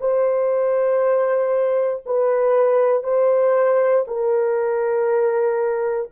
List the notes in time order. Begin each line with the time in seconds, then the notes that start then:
0.00 C5
2.06 B4
3.04 C5
4.07 A#4